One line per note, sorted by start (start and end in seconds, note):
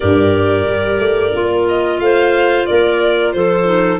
0.00 0.66 G2
0.00 1.33 G4
0.00 1.98 A#4
0.00 1.67 D5
0.66 0.99 G3
0.99 1.32 A3
1.33 1.99 A#3
1.33 3.65 F4
1.67 1.99 D#5
1.99 2.66 A3
1.99 2.68 C5
1.99 2.66 F5
2.66 3.34 A#3
2.66 3.35 A#4
2.66 3.32 D5
3.32 4.00 F3
3.32 4.00 A4
3.32 3.98 C5
3.65 3.98 D#4